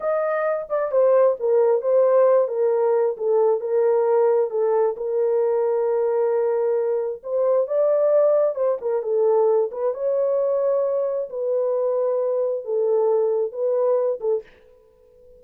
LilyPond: \new Staff \with { instrumentName = "horn" } { \time 4/4 \tempo 4 = 133 dis''4. d''8 c''4 ais'4 | c''4. ais'4. a'4 | ais'2 a'4 ais'4~ | ais'1 |
c''4 d''2 c''8 ais'8 | a'4. b'8 cis''2~ | cis''4 b'2. | a'2 b'4. a'8 | }